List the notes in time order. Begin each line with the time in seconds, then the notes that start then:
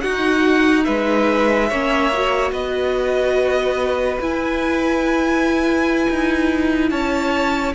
0.00 D#4 F#4 F#5
0.84 G#3 B4 E5
1.68 A#3 C#4 C#5
2.11 F#4
2.51 B3 B4 D#5
4.20 E4 G#5
6.10 D#4
6.89 C#4 C#5 A5